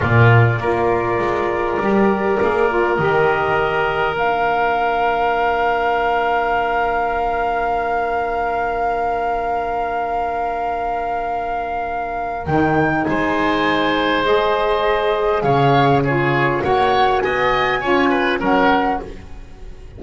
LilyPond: <<
  \new Staff \with { instrumentName = "flute" } { \time 4/4 \tempo 4 = 101 d''1~ | d''4 dis''2 f''4~ | f''1~ | f''1~ |
f''1~ | f''4 g''4 gis''2 | dis''2 f''4 cis''4 | fis''4 gis''2 fis''4 | }
  \new Staff \with { instrumentName = "oboe" } { \time 4/4 f'4 ais'2.~ | ais'1~ | ais'1~ | ais'1~ |
ais'1~ | ais'2 c''2~ | c''2 cis''4 gis'4 | cis''4 dis''4 cis''8 b'8 ais'4 | }
  \new Staff \with { instrumentName = "saxophone" } { \time 4/4 ais4 f'2 g'4 | gis'8 f'8 g'2 d'4~ | d'1~ | d'1~ |
d'1~ | d'4 dis'2. | gis'2. f'4 | fis'2 f'4 cis'4 | }
  \new Staff \with { instrumentName = "double bass" } { \time 4/4 ais,4 ais4 gis4 g4 | ais4 dis2 ais4~ | ais1~ | ais1~ |
ais1~ | ais4 dis4 gis2~ | gis2 cis2 | ais4 b4 cis'4 fis4 | }
>>